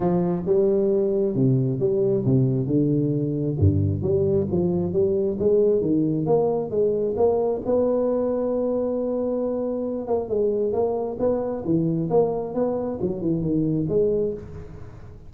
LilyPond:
\new Staff \with { instrumentName = "tuba" } { \time 4/4 \tempo 4 = 134 f4 g2 c4 | g4 c4 d2 | g,4 g4 f4 g4 | gis4 dis4 ais4 gis4 |
ais4 b2.~ | b2~ b8 ais8 gis4 | ais4 b4 e4 ais4 | b4 fis8 e8 dis4 gis4 | }